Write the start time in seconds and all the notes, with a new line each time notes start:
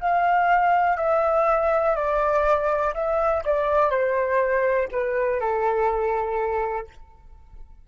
0.00 F5
0.97 E5
1.95 D5
2.94 E5
3.45 D5
3.90 C5
4.91 B4
5.40 A4